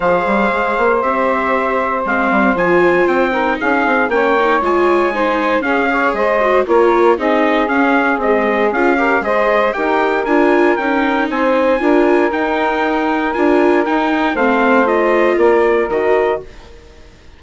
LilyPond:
<<
  \new Staff \with { instrumentName = "trumpet" } { \time 4/4 \tempo 4 = 117 f''2 e''2 | f''4 gis''4 g''4 f''4 | g''4 gis''2 f''4 | dis''4 cis''4 dis''4 f''4 |
dis''4 f''4 dis''4 g''4 | gis''4 g''4 gis''2 | g''2 gis''4 g''4 | f''4 dis''4 d''4 dis''4 | }
  \new Staff \with { instrumentName = "saxophone" } { \time 4/4 c''1~ | c''2~ c''8 ais'8 gis'4 | cis''2 c''4 gis'8 cis''8 | c''4 ais'4 gis'2~ |
gis'4. ais'8 c''4 ais'4~ | ais'2 c''4 ais'4~ | ais'1 | c''2 ais'2 | }
  \new Staff \with { instrumentName = "viola" } { \time 4/4 gis'2 g'2 | c'4 f'4. dis'4. | cis'8 dis'8 f'4 dis'4 cis'8 gis'8~ | gis'8 fis'8 f'4 dis'4 cis'4 |
gis4 f'8 g'8 gis'4 g'4 | f'4 dis'2 f'4 | dis'2 f'4 dis'4 | c'4 f'2 fis'4 | }
  \new Staff \with { instrumentName = "bassoon" } { \time 4/4 f8 g8 gis8 ais8 c'2 | gis8 g8 f4 c'4 cis'8 c'8 | ais4 gis2 cis'4 | gis4 ais4 c'4 cis'4 |
c'4 cis'4 gis4 dis'4 | d'4 cis'4 c'4 d'4 | dis'2 d'4 dis'4 | a2 ais4 dis4 | }
>>